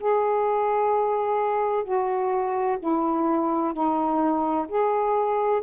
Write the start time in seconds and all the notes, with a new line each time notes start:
0.00 G#4
1.84 F#4
2.79 E4
3.73 D#4
4.68 G#4